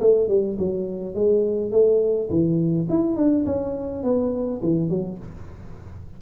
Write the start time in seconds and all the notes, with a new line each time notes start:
0.00 A3
0.28 G3
0.58 F#3
1.14 G#3
1.71 A3
2.29 E3
2.89 E4
3.16 D4
3.45 C#4
4.03 B3
4.61 E3
4.89 F#3